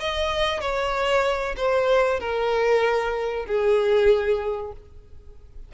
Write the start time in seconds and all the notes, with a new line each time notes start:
0.00 D#5
0.61 C#5
1.57 C5
2.20 A#4
3.46 G#4